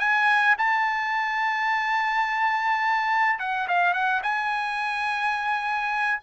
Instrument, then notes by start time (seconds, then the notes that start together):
trumpet
0.00 G#5
0.59 A5
3.40 F#5
3.69 F5
3.94 F#5
4.23 G#5